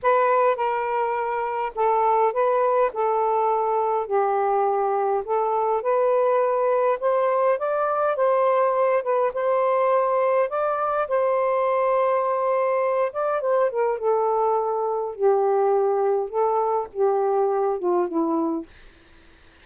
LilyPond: \new Staff \with { instrumentName = "saxophone" } { \time 4/4 \tempo 4 = 103 b'4 ais'2 a'4 | b'4 a'2 g'4~ | g'4 a'4 b'2 | c''4 d''4 c''4. b'8 |
c''2 d''4 c''4~ | c''2~ c''8 d''8 c''8 ais'8 | a'2 g'2 | a'4 g'4. f'8 e'4 | }